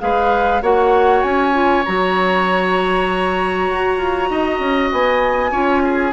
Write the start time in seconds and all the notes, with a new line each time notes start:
0.00 G#3 G#4 B4 F5
0.62 A#3 F#4 C#5 F#5
1.23 C#4 G#5
1.53 F4
1.85 F#3 F#4 A#5
3.70 F#4
3.98 F4
4.31 D#4 D#5
4.60 C#4
4.92 B3 G#5
5.51 C#4 F4 C#5
5.84 G#4